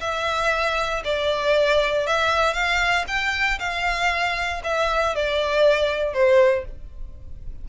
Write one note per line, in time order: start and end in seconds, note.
0.00 1.03 E5
1.04 2.07 D5
2.07 2.53 E5
2.53 3.04 F5
3.07 3.59 G5
3.59 4.62 F5
4.63 5.15 E5
5.15 6.13 D5
6.13 6.65 C5